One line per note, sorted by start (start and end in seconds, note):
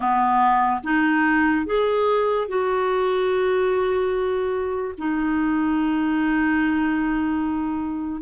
0.00 0.81 B3
0.83 1.66 D#4
1.66 2.48 G#4
2.48 4.94 F#4
4.98 8.21 D#4